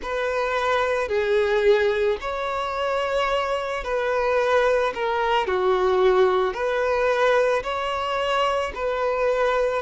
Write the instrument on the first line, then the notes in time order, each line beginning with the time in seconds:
violin
0.02 B4
1.08 G#4
2.21 C#5
3.84 B4
4.94 A#4
5.46 F#4
6.53 B4
7.63 C#5
8.74 B4